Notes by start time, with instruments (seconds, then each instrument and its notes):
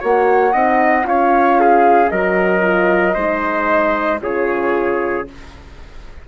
0.00 bassoon A#3, horn F#4, trumpet C#5, flute F#5
0.52 bassoon C4, horn D#4, trumpet D#5
1.04 bassoon C#4, horn F4, trumpet C#5, flute F5
1.60 trumpet G#4
2.09 bassoon F#3, horn F#4, trumpet A#4, flute D#5
2.61 horn F4
3.15 bassoon G#3, horn D#4, trumpet C5
4.21 bassoon C#3, horn F4, trumpet G#4, flute C#5